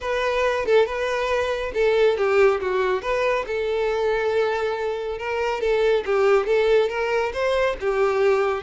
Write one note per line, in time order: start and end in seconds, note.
0.00 0.65 B4
0.65 0.85 A4
0.85 1.72 B4
1.74 2.17 A4
2.17 2.60 G4
2.60 3.02 F#4
3.02 3.45 B4
3.46 5.18 A4
5.18 5.60 A#4
5.60 6.03 A4
6.05 6.46 G4
6.46 6.89 A4
6.89 7.32 A#4
7.33 7.76 C5
7.80 8.63 G4